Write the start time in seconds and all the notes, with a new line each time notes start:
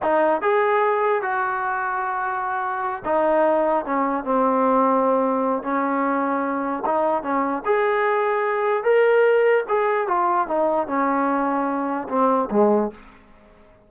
0.02 D#4
0.41 G#4
1.22 F#4
3.04 D#4
3.85 C#4
4.24 C4
5.62 C#4
6.85 D#4
7.22 C#4
7.65 G#4
8.83 A#4
9.68 G#4
10.07 F4
10.47 D#4
10.87 C#4
12.08 C4
12.51 G#3